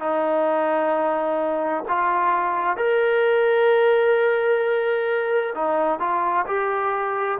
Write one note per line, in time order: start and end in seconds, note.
0.00 1.85 D#4
1.88 2.77 F4
2.77 5.54 A#4
5.55 6.00 D#4
6.00 6.46 F4
6.47 7.39 G4